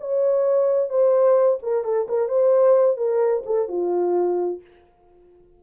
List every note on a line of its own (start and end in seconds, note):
0.00 0.89 C#5
0.89 1.59 C5
1.63 1.84 A#4
1.84 2.07 A4
2.09 2.28 A#4
2.28 2.97 C5
2.97 3.43 A#4
3.46 3.68 A4
3.68 4.61 F4